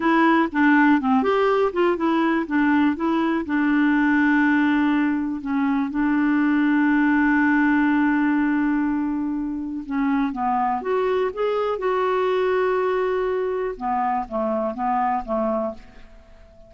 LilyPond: \new Staff \with { instrumentName = "clarinet" } { \time 4/4 \tempo 4 = 122 e'4 d'4 c'8 g'4 f'8 | e'4 d'4 e'4 d'4~ | d'2. cis'4 | d'1~ |
d'1 | cis'4 b4 fis'4 gis'4 | fis'1 | b4 a4 b4 a4 | }